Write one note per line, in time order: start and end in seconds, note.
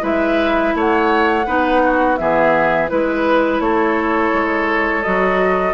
0.00 0.74 G#3
0.00 1.43 E4
0.00 0.74 B4
0.00 0.76 E5
0.74 1.46 A3
0.74 1.46 C#5
0.74 2.16 F#5
1.46 2.19 B3
1.46 2.17 D#4
1.46 1.82 B4
1.83 2.19 F#4
2.16 2.90 E3
2.16 2.88 B3
2.16 2.91 G#4
2.16 2.88 E5
2.88 3.60 G#3
2.88 5.02 E4
2.88 3.60 B4
2.88 3.62 B4
3.60 4.31 A3
3.60 5.74 A4
3.60 5.02 C#5
4.33 5.04 G#3
5.02 5.74 F#3
5.02 5.74 F#4
5.02 5.74 D#5